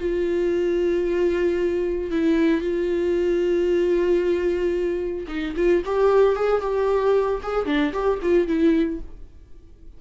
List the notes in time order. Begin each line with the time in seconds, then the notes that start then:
0.00 F4
2.11 E4
2.61 F4
5.28 D#4
5.56 F4
5.86 G4
6.36 G#4
6.61 G4
7.43 G#4
7.66 D4
7.93 G4
8.22 F4
8.47 E4